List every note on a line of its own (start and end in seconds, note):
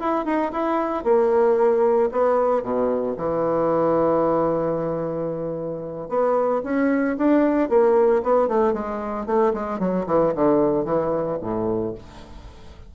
0.00 0.25 E4
0.25 0.52 D#4
0.52 1.04 E4
1.04 2.10 A#3
2.12 2.63 B3
2.63 3.16 B2
3.17 6.09 E3
6.09 6.62 B3
6.63 7.17 C#4
7.17 7.69 D4
7.69 8.23 A#3
8.23 8.48 B3
8.48 8.73 A3
8.73 9.26 G#3
9.26 9.53 A3
9.54 9.79 G#3
9.79 10.05 F#3
10.06 10.33 E3
10.35 10.85 D3
10.85 11.38 E3
11.41 11.94 A2